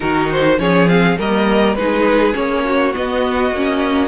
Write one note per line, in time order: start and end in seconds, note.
0.00 0.58 D#3
0.00 0.58 D#4
0.00 0.59 F#4
0.00 0.29 A#4
0.31 0.59 C5
0.58 1.17 F3
0.58 0.87 C#4
0.58 1.18 G#4
0.58 0.88 C#5
0.88 1.17 C4
0.88 1.18 F5
1.18 1.75 G3
1.18 1.76 A#3
1.18 1.77 A#4
1.18 1.75 D#5
1.75 2.33 G#3
1.75 2.33 D#4
1.75 2.64 G#4
1.75 2.33 B4
2.33 2.94 A#3
2.33 2.92 C#4
2.33 2.94 C#5
2.64 4.08 F#4
2.94 3.53 B3
2.94 3.51 B3
2.94 4.08 D#5
3.51 4.08 A#3
3.51 4.08 C#4